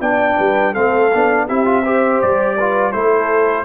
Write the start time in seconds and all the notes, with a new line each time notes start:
0.00 B3 D4 D5 G5
0.37 G3 B4
0.72 A3 C4 A4 F5
1.13 B3 D4
1.47 C4 E4 G4 E5
1.64 F4
1.83 G4 C5
2.21 G3 D5
2.56 F4 B4
2.92 A3 E4 A4 C5